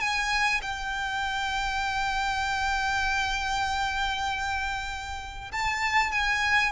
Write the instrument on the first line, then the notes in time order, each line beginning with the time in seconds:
violin
0.00 G#5
0.62 G5
5.52 A5
6.12 G#5